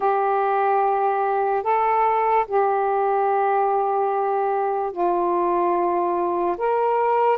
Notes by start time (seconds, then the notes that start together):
0.00 G4
1.63 A4
2.47 G4
4.92 F4
6.57 A#4